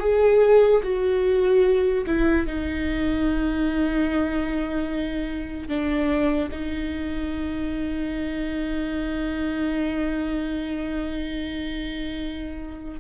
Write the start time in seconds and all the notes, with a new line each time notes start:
0.00 G#4
0.83 F#4
2.07 E4
2.47 D#4
5.69 D4
6.52 D#4